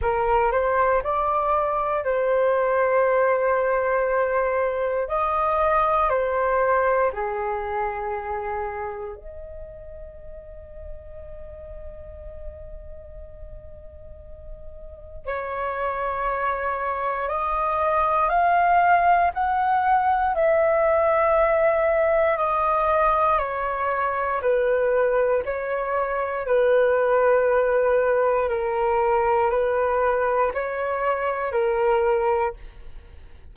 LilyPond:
\new Staff \with { instrumentName = "flute" } { \time 4/4 \tempo 4 = 59 ais'8 c''8 d''4 c''2~ | c''4 dis''4 c''4 gis'4~ | gis'4 dis''2.~ | dis''2. cis''4~ |
cis''4 dis''4 f''4 fis''4 | e''2 dis''4 cis''4 | b'4 cis''4 b'2 | ais'4 b'4 cis''4 ais'4 | }